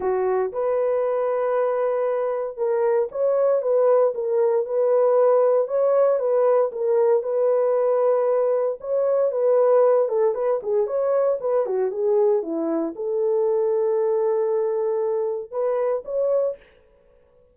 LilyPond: \new Staff \with { instrumentName = "horn" } { \time 4/4 \tempo 4 = 116 fis'4 b'2.~ | b'4 ais'4 cis''4 b'4 | ais'4 b'2 cis''4 | b'4 ais'4 b'2~ |
b'4 cis''4 b'4. a'8 | b'8 gis'8 cis''4 b'8 fis'8 gis'4 | e'4 a'2.~ | a'2 b'4 cis''4 | }